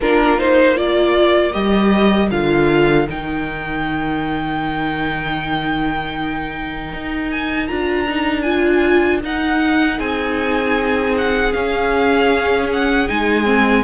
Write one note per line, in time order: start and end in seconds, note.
0.00 1.54 A#3
0.00 0.37 D4
0.00 0.74 F4
0.00 0.39 A#4
0.37 0.75 D#4
0.37 0.77 C5
0.74 1.52 F4
0.74 9.97 A#4
0.74 1.51 D5
1.51 2.31 G3
1.51 2.29 G4
1.51 2.28 D#5
2.30 3.08 D3
2.30 3.07 F4
2.30 3.07 F5
3.08 6.92 D#3
3.08 7.68 D#4
3.08 7.30 G5
6.92 7.69 D#4
7.30 7.67 G#5
7.67 9.23 D4
7.67 8.06 F4
7.67 8.42 A#5
8.08 8.44 D#4
8.42 9.21 F4
8.42 9.19 G#5
9.22 11.52 D#4
9.22 9.99 D#4
9.22 9.99 F#5
9.97 11.53 C4
9.97 13.82 G#4
9.97 11.15 G#5
11.17 11.52 F#5
11.52 13.06 C#4
11.52 13.08 C#4
11.52 12.68 F5
12.72 13.08 F#5
13.08 13.84 G#3
13.08 13.45 D#4
13.08 13.84 G#5
13.45 13.83 C4